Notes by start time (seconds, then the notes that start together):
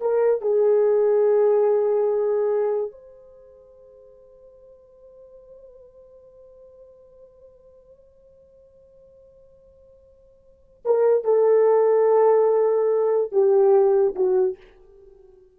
0.00 A#4
0.41 G#4
2.91 C5
10.85 A#4
11.24 A4
13.31 G4
14.15 F#4